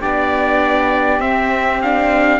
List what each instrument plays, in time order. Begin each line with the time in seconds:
0.00 cello B3, viola D4, flute G4, trumpet D5
1.19 cello C4, viola C4, trumpet E5
1.82 viola D4, trumpet F5